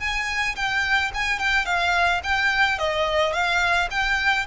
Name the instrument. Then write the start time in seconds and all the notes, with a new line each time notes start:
violin
0.00 G#5
0.56 G5
1.14 G#5
1.39 G5
1.66 F5
2.24 G5
2.79 D#5
3.33 F5
3.91 G5